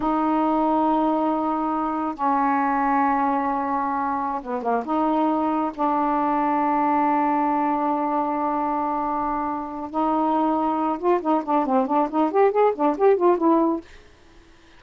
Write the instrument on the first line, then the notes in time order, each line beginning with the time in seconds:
saxophone
0.00 D#4
2.14 C#4
4.42 B3
4.62 A#3
4.85 D#4
5.74 D4
9.90 D#4
10.99 F4
11.21 D#4
11.44 D4
11.66 C4
11.86 D4
12.09 D#4
12.31 G4
12.51 G#4
12.75 D4
12.97 G4
13.16 F4
13.37 E4